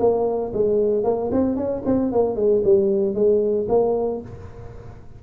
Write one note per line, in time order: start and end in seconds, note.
0.00 0.53 A#3
0.54 1.04 G#3
1.04 1.31 A#3
1.32 1.56 C4
1.56 1.83 C#4
1.86 2.12 C4
2.12 2.36 A#3
2.36 2.63 G#3
2.65 3.15 G3
3.15 3.68 G#3
3.69 4.22 A#3